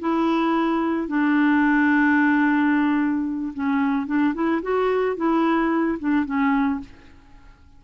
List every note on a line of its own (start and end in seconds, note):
0.00 1.08 E4
1.08 3.54 D4
3.54 4.07 C#4
4.07 4.34 D4
4.35 4.62 E4
4.63 5.17 F#4
5.17 5.99 E4
5.99 6.26 D4
6.26 6.81 C#4